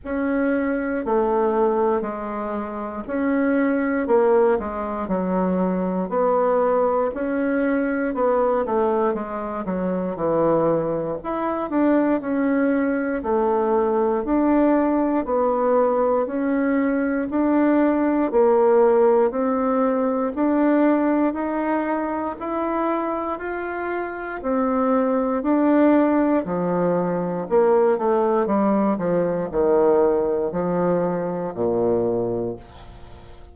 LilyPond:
\new Staff \with { instrumentName = "bassoon" } { \time 4/4 \tempo 4 = 59 cis'4 a4 gis4 cis'4 | ais8 gis8 fis4 b4 cis'4 | b8 a8 gis8 fis8 e4 e'8 d'8 | cis'4 a4 d'4 b4 |
cis'4 d'4 ais4 c'4 | d'4 dis'4 e'4 f'4 | c'4 d'4 f4 ais8 a8 | g8 f8 dis4 f4 ais,4 | }